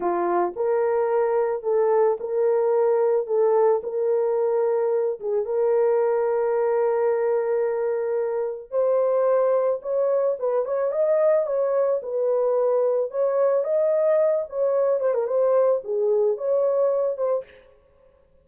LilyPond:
\new Staff \with { instrumentName = "horn" } { \time 4/4 \tempo 4 = 110 f'4 ais'2 a'4 | ais'2 a'4 ais'4~ | ais'4. gis'8 ais'2~ | ais'1 |
c''2 cis''4 b'8 cis''8 | dis''4 cis''4 b'2 | cis''4 dis''4. cis''4 c''16 ais'16 | c''4 gis'4 cis''4. c''8 | }